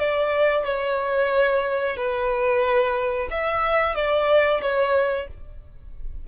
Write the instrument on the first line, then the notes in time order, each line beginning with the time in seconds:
violin
0.00 D5
0.65 C#5
1.97 B4
3.31 E5
3.95 D5
4.62 C#5